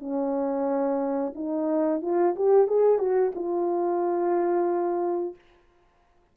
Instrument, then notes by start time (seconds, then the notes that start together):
horn
0.00 C#4
1.35 D#4
2.02 F4
2.36 G4
2.68 G#4
2.99 F#4
3.35 F4